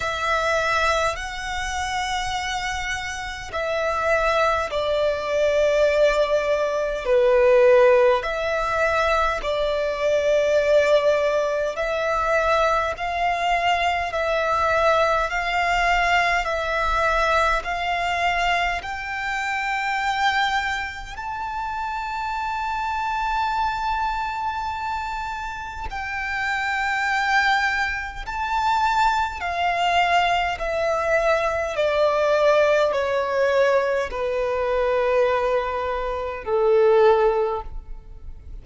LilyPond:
\new Staff \with { instrumentName = "violin" } { \time 4/4 \tempo 4 = 51 e''4 fis''2 e''4 | d''2 b'4 e''4 | d''2 e''4 f''4 | e''4 f''4 e''4 f''4 |
g''2 a''2~ | a''2 g''2 | a''4 f''4 e''4 d''4 | cis''4 b'2 a'4 | }